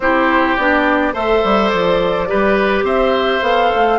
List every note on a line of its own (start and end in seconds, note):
0.00 0.56 C4
0.00 0.58 E4
0.00 1.13 G4
0.00 0.56 C5
0.56 1.13 B3
0.56 1.13 D4
0.56 1.13 D5
1.13 1.42 A3
1.13 2.27 A4
1.13 2.27 C5
1.13 1.69 E5
1.44 1.72 G3
1.69 2.30 F3
1.69 2.83 D5
2.27 2.83 G3
2.27 3.42 G4
2.27 2.84 B4
2.83 3.40 C4
2.83 3.98 C5
2.83 3.43 E5
3.42 3.70 B3
3.42 3.99 A4
3.42 3.99 F5
3.75 3.99 A3